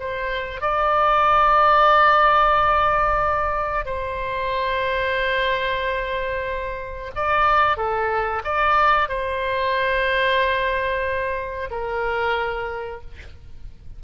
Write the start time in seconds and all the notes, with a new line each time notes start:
0.00 C5
0.61 D5
3.86 C5
7.16 D5
7.77 A4
8.44 D5
9.09 C5
11.71 A#4